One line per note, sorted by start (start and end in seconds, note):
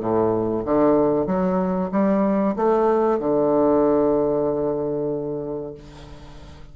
0.00 0.64 A2
0.65 1.26 D3
1.26 1.90 F#3
1.92 2.56 G3
2.56 3.19 A3
3.19 5.75 D3